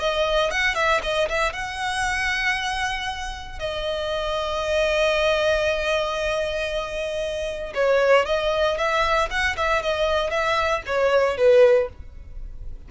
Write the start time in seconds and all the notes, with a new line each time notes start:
0.00 D#5
0.51 F#5
0.75 E5
1.03 D#5
1.29 E5
1.53 F#5
3.59 D#5
7.74 C#5
8.26 D#5
8.78 E5
9.31 F#5
9.57 E5
9.83 D#5
10.31 E5
10.86 C#5
11.37 B4